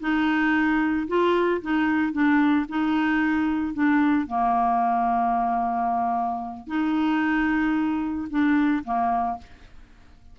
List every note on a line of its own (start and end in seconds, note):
0.00 1.07 D#4
1.08 1.61 F4
1.61 2.12 D#4
2.12 2.66 D4
2.69 3.74 D#4
3.74 4.27 D4
4.27 6.67 A#3
6.67 8.28 D#4
8.30 8.83 D4
8.84 9.38 A#3